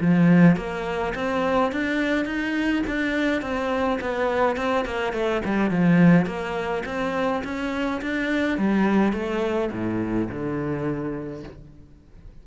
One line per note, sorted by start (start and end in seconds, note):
0.00 0.56 F3
0.56 1.13 A#3
1.15 1.72 C4
1.72 2.25 D4
2.25 2.82 D#4
2.86 3.41 D4
3.41 3.98 C4
4.00 4.56 B3
4.56 4.85 C4
4.85 5.12 A#3
5.12 5.41 A3
5.44 5.70 G3
5.70 6.25 F3
6.25 6.83 A#3
6.85 7.43 C4
7.44 8.01 C#4
8.01 8.58 D4
8.58 9.12 G3
9.12 9.70 A3
9.71 10.29 A2
10.29 11.43 D3